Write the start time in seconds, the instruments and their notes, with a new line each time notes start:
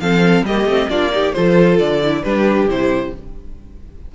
0.00 cello F3, viola C4, violin A4 F5
0.43 cello G3, viola A#3, violin G4 D#5
0.65 cello A3, viola C4
0.89 cello A#3, viola D4, violin F4 D5
1.12 viola D#4, violin G4
1.33 cello F3, viola F4, violin A4 C5
1.79 cello D3, violin D5
2.03 viola E4
2.23 cello G3, viola D4, violin G4 B4
2.67 cello C3, viola E4, violin C5